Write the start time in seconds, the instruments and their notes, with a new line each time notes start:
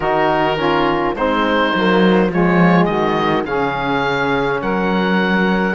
0.00 cello D#3, trombone D#4, saxophone F#4, oboe A#4
0.57 trombone C#4, saxophone F4
1.14 cello G#3, trombone C4, saxophone D#4, oboe C5
1.75 cello F#3, trombone A#3
2.28 cello F3, trombone G#3, saxophone F4, oboe C#5
2.85 cello D#3, saxophone F#4, oboe D#5
3.45 cello C#3, trombone C#4, saxophone G#4, oboe F5
4.61 cello F#3, saxophone A#4, oboe F#5